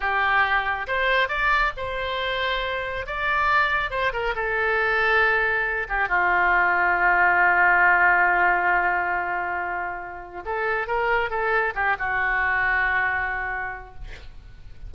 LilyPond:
\new Staff \with { instrumentName = "oboe" } { \time 4/4 \tempo 4 = 138 g'2 c''4 d''4 | c''2. d''4~ | d''4 c''8 ais'8 a'2~ | a'4. g'8 f'2~ |
f'1~ | f'1 | a'4 ais'4 a'4 g'8 fis'8~ | fis'1 | }